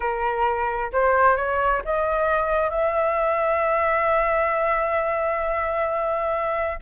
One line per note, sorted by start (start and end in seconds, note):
0.00 0.91 A#4
0.92 1.36 C5
1.36 1.82 C#5
1.85 2.70 D#5
2.70 6.79 E5